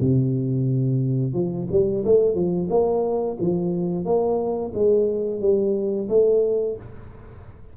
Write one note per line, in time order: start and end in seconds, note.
0.00 1.33 C3
1.33 1.67 F3
1.71 2.04 G3
2.05 2.34 A3
2.34 2.68 F3
2.70 3.37 A#3
3.40 4.05 F3
4.05 4.72 A#3
4.74 5.41 G#3
5.41 6.08 G3
6.09 6.76 A3